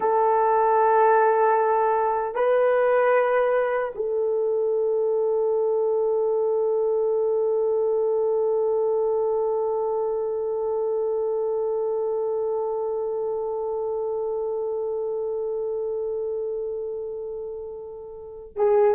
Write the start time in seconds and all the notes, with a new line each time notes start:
0.00 A4
2.34 B4
3.95 A4
18.56 G#4